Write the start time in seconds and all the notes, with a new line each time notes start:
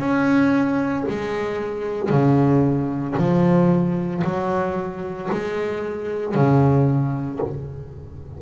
0.00 C#4
1.09 G#3
2.10 C#3
3.18 F3
4.24 F#3
5.32 G#3
6.35 C#3